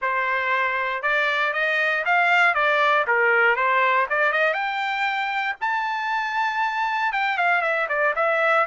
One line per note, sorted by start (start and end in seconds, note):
0.01 1.02 C5
1.02 1.53 D5
1.53 2.04 D#5
2.05 2.54 F5
2.54 3.05 D5
3.07 3.56 A#4
3.56 4.07 C5
4.09 4.32 D5
4.32 4.53 D#5
4.53 5.55 G5
5.60 7.12 A5
7.12 7.37 G5
7.37 7.61 F5
7.61 7.87 E5
7.88 8.14 D5
8.15 8.66 E5